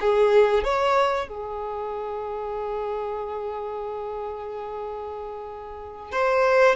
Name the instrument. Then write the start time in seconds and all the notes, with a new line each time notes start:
violin
0.00 G#4
0.64 C#5
1.28 G#4
6.12 C5